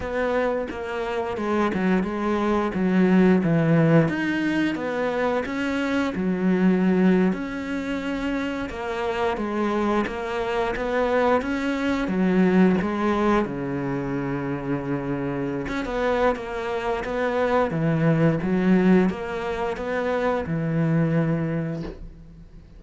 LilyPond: \new Staff \with { instrumentName = "cello" } { \time 4/4 \tempo 4 = 88 b4 ais4 gis8 fis8 gis4 | fis4 e4 dis'4 b4 | cis'4 fis4.~ fis16 cis'4~ cis'16~ | cis'8. ais4 gis4 ais4 b16~ |
b8. cis'4 fis4 gis4 cis16~ | cis2. cis'16 b8. | ais4 b4 e4 fis4 | ais4 b4 e2 | }